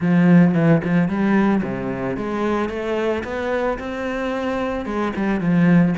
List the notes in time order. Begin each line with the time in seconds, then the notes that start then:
0.00 F3
0.54 E3
0.84 F3
1.08 G3
1.63 C3
2.16 G#3
2.69 A3
3.24 B3
3.78 C4
4.85 G#3
5.15 G3
5.40 F3